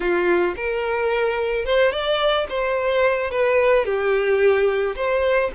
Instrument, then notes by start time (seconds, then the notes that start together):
violin
0.00 F4
0.56 A#4
1.65 C5
1.91 D5
2.49 C5
3.30 B4
3.85 G4
4.95 C5